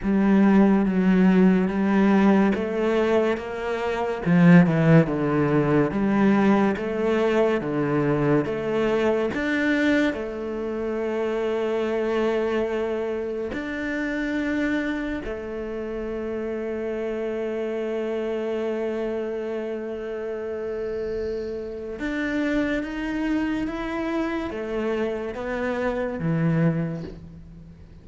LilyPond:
\new Staff \with { instrumentName = "cello" } { \time 4/4 \tempo 4 = 71 g4 fis4 g4 a4 | ais4 f8 e8 d4 g4 | a4 d4 a4 d'4 | a1 |
d'2 a2~ | a1~ | a2 d'4 dis'4 | e'4 a4 b4 e4 | }